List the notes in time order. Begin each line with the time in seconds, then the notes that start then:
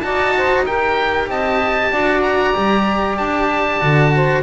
0.00 D#4 F#4 D5 A5
0.37 C5
0.65 G4 A#4 G5
1.28 C4 D#5 A5
1.91 D4 F#4 D5
2.22 A#5
2.54 G3 G4
3.17 D4 A5
3.80 D3 F#4
4.15 C5